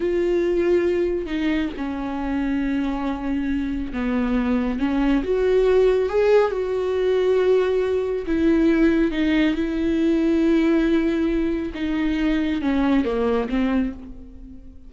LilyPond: \new Staff \with { instrumentName = "viola" } { \time 4/4 \tempo 4 = 138 f'2. dis'4 | cis'1~ | cis'4 b2 cis'4 | fis'2 gis'4 fis'4~ |
fis'2. e'4~ | e'4 dis'4 e'2~ | e'2. dis'4~ | dis'4 cis'4 ais4 c'4 | }